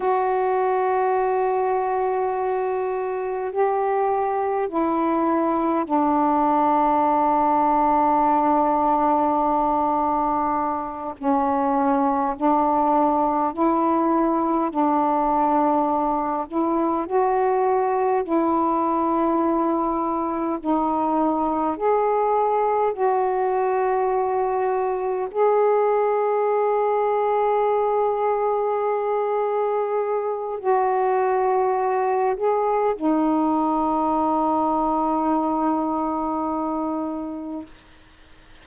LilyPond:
\new Staff \with { instrumentName = "saxophone" } { \time 4/4 \tempo 4 = 51 fis'2. g'4 | e'4 d'2.~ | d'4. cis'4 d'4 e'8~ | e'8 d'4. e'8 fis'4 e'8~ |
e'4. dis'4 gis'4 fis'8~ | fis'4. gis'2~ gis'8~ | gis'2 fis'4. gis'8 | dis'1 | }